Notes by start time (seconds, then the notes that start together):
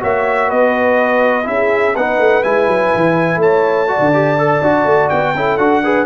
0.00 A#3 F#4 C#5 E5
0.49 B3 B4 D#5
1.43 C#4 E4 G#4 E5
1.95 B3 D#4 B4 F#5
2.18 A3
2.43 G#3 E4 G#5
2.67 F#3
2.95 E3
3.36 A3 C#5 A5
3.87 F#4 D5
3.99 D3
4.13 G4
4.38 A4
4.61 D4 F#4
4.85 A3
5.09 B3 G5
5.35 C#4 E4 A4
5.57 D4 F#4 F#5
5.83 G#4 B4